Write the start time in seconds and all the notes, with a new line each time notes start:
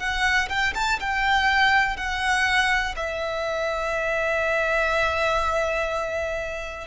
0.00 F#5
0.50 G5
0.75 A5
1.00 G5
1.97 F#5
2.97 E5